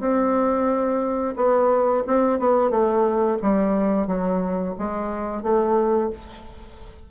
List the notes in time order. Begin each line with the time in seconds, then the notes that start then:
0.00 C4
1.36 B3
2.07 C4
2.39 B3
2.71 A3
3.42 G3
4.08 F#3
4.78 G#3
5.43 A3